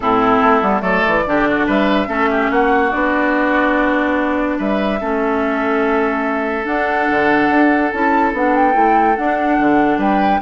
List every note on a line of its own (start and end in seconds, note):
0.00 0.40 A2
0.00 0.61 C4
0.00 0.81 E4
0.00 0.81 A4
0.43 0.62 A3
0.61 0.81 G3
0.61 0.80 B3
0.80 1.02 F#3
0.80 1.22 A3
0.80 1.23 A4
0.80 1.65 D5
1.07 1.27 E3
1.26 1.67 D3
1.26 2.07 D4
1.26 1.48 G4
1.48 1.66 F#4
1.66 2.07 G3
1.66 2.08 B4
1.66 2.51 E5
2.07 2.49 A3
2.07 2.90 C#4
2.07 2.29 A4
2.30 2.51 G4
2.50 2.92 A#3
2.50 4.58 F#4
2.50 2.91 F#5
2.91 4.59 B3
2.91 4.99 D4
2.91 4.58 D5
4.58 5.00 G3
4.58 4.99 B4
4.58 6.66 E5
5.00 6.66 A3
5.00 6.63 C#4
5.00 9.98 A4
6.63 7.88 D4
6.63 7.07 D4
6.63 7.91 F#5
7.09 7.49 D3
7.49 7.91 D4
7.91 8.33 C#4
7.91 8.34 E4
7.91 8.32 A5
8.33 8.74 B3
8.33 8.72 D4
8.33 8.55 F#5
8.55 9.16 G5
8.72 9.17 A3
8.72 9.14 E4
9.16 9.58 D4
9.16 10.41 D4
9.16 9.99 F#5
9.58 9.97 D3
9.97 10.39 G3
9.97 10.40 B4
9.97 10.41 G5